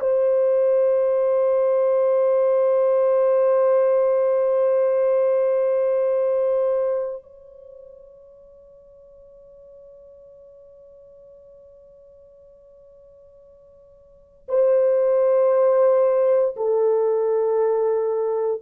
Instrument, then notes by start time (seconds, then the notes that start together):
horn
0.00 C5
7.23 C#5
14.49 C5
16.57 A4